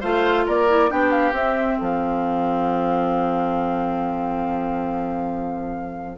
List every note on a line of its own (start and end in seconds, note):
0.00 0.47 A3
0.00 0.68 F4
0.00 0.44 C5
0.00 0.45 F5
0.46 0.91 A#3
0.46 0.90 A#4
0.46 0.91 D5
0.68 0.89 E4
0.89 1.32 B3
0.89 1.33 D4
0.89 1.78 G4
0.89 1.11 G5
1.11 1.33 F5
1.32 1.76 C4
1.32 6.18 C4
1.32 1.78 E5
1.78 6.18 F3
1.78 6.18 A4
1.78 6.18 F5